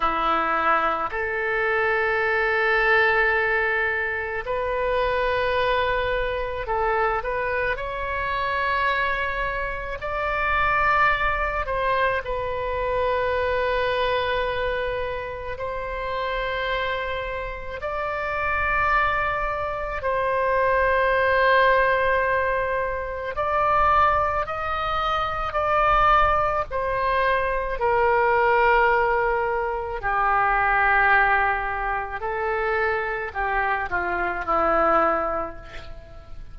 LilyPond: \new Staff \with { instrumentName = "oboe" } { \time 4/4 \tempo 4 = 54 e'4 a'2. | b'2 a'8 b'8 cis''4~ | cis''4 d''4. c''8 b'4~ | b'2 c''2 |
d''2 c''2~ | c''4 d''4 dis''4 d''4 | c''4 ais'2 g'4~ | g'4 a'4 g'8 f'8 e'4 | }